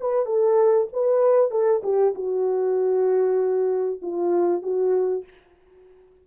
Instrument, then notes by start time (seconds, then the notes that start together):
horn
0.00 B4
0.26 A4
0.93 B4
1.51 A4
1.83 G4
2.15 F#4
4.01 F4
4.62 F#4